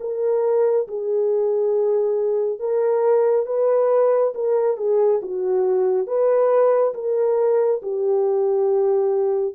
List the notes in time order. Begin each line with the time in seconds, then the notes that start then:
0.00 A#4
0.88 G#4
2.59 A#4
3.46 B4
4.34 A#4
4.77 G#4
5.22 F#4
6.07 B4
6.94 A#4
7.82 G4